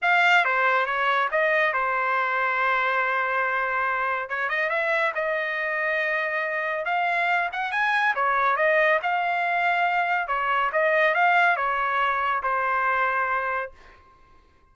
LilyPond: \new Staff \with { instrumentName = "trumpet" } { \time 4/4 \tempo 4 = 140 f''4 c''4 cis''4 dis''4 | c''1~ | c''2 cis''8 dis''8 e''4 | dis''1 |
f''4. fis''8 gis''4 cis''4 | dis''4 f''2. | cis''4 dis''4 f''4 cis''4~ | cis''4 c''2. | }